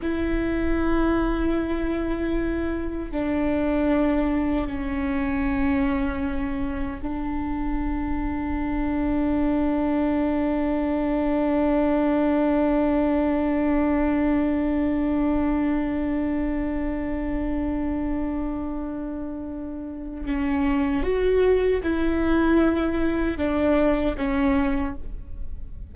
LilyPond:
\new Staff \with { instrumentName = "viola" } { \time 4/4 \tempo 4 = 77 e'1 | d'2 cis'2~ | cis'4 d'2.~ | d'1~ |
d'1~ | d'1~ | d'2 cis'4 fis'4 | e'2 d'4 cis'4 | }